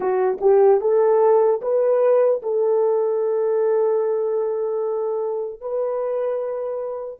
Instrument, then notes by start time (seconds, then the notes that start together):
horn
0.00 F#4
0.40 G4
0.80 A4
1.61 B4
2.42 A4
5.60 B4